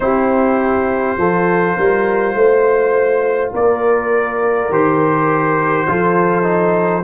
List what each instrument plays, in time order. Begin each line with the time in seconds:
0.00 tuba C4, trombone E4, horn G4, trumpet C5
1.16 tuba F3, trombone F4, horn A4
1.76 tuba G3, horn A#4
2.34 tuba A3, horn C5
3.53 tuba A#3, horn A#4, trumpet D5
4.69 tuba D#3, trombone G4, trumpet C5
5.88 tuba F3, trombone F4, horn A4
6.43 trombone D#4